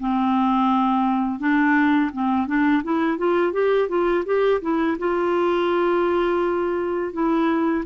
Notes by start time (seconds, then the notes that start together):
0.00 C4
1.40 D4
2.13 C4
2.47 D4
2.84 E4
3.18 F4
3.53 G4
3.89 F4
4.26 G4
4.62 E4
4.99 F4
7.13 E4